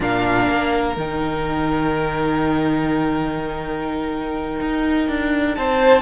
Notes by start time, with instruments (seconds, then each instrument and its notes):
0.00 cello A#2, viola D4, violin A#4 F5
0.49 cello A#3
0.96 cello D#3, viola D#4, violin G5
4.60 cello D#4
5.08 cello D4
5.55 cello C4, violin C5 A5